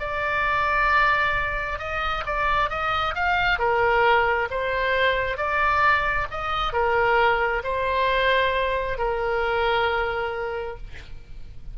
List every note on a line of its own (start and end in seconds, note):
0.00 1.79 D5
1.79 2.24 D#5
2.26 2.70 D5
2.70 3.15 D#5
3.15 3.59 F5
3.59 4.49 A#4
4.51 5.37 C5
5.37 6.27 D5
6.31 6.73 D#5
6.73 7.62 A#4
7.64 8.98 C5
8.98 10.77 A#4